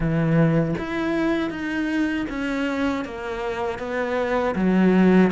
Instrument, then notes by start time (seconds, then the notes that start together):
cello
0.00 E3
0.78 E4
1.50 D#4
2.29 C#4
3.04 A#3
3.78 B3
4.55 F#3